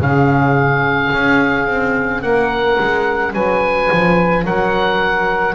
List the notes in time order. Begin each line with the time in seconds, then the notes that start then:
0.00 C#3 C#4 G#4 F5
1.14 C#4
1.68 C4
2.22 A#3 A#4 F#5
2.80 G#3
3.34 F#3 B4 G#5
3.92 F3
4.44 F#3 A#4 F#5